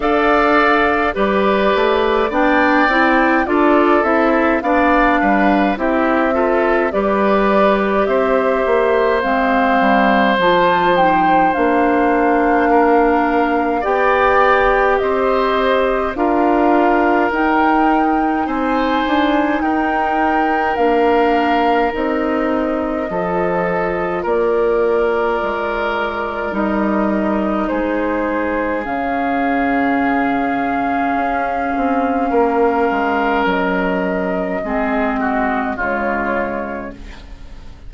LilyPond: <<
  \new Staff \with { instrumentName = "flute" } { \time 4/4 \tempo 4 = 52 f''4 d''4 g''4 d''8 e''8 | f''4 e''4 d''4 e''4 | f''4 a''8 g''8 f''2 | g''4 dis''4 f''4 g''4 |
gis''4 g''4 f''4 dis''4~ | dis''4 d''2 dis''4 | c''4 f''2.~ | f''4 dis''2 cis''4 | }
  \new Staff \with { instrumentName = "oboe" } { \time 4/4 d''4 b'4 d''4 a'4 | d''8 b'8 g'8 a'8 b'4 c''4~ | c''2. ais'4 | d''4 c''4 ais'2 |
c''4 ais'2. | a'4 ais'2. | gis'1 | ais'2 gis'8 fis'8 f'4 | }
  \new Staff \with { instrumentName = "clarinet" } { \time 4/4 a'4 g'4 d'8 e'8 f'8 e'8 | d'4 e'8 f'8 g'2 | c'4 f'8 dis'8 d'2 | g'2 f'4 dis'4~ |
dis'2 d'4 dis'4 | f'2. dis'4~ | dis'4 cis'2.~ | cis'2 c'4 gis4 | }
  \new Staff \with { instrumentName = "bassoon" } { \time 4/4 d'4 g8 a8 b8 c'8 d'8 c'8 | b8 g8 c'4 g4 c'8 ais8 | gis8 g8 f4 ais2 | b4 c'4 d'4 dis'4 |
c'8 d'8 dis'4 ais4 c'4 | f4 ais4 gis4 g4 | gis4 cis2 cis'8 c'8 | ais8 gis8 fis4 gis4 cis4 | }
>>